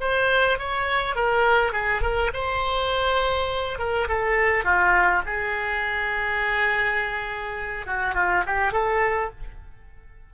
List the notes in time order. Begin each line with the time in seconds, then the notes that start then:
0.00 C5
0.58 C#5
1.15 A#4
1.72 G#4
2.02 A#4
2.33 C5
3.78 A#4
4.08 A4
4.64 F4
5.25 G#4
7.86 F#4
8.14 F4
8.46 G4
8.72 A4